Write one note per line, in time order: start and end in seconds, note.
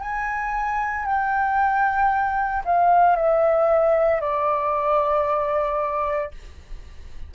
0.00 1.05 G#5
1.05 2.63 G5
2.64 3.16 F5
3.16 4.21 E5
4.21 6.31 D5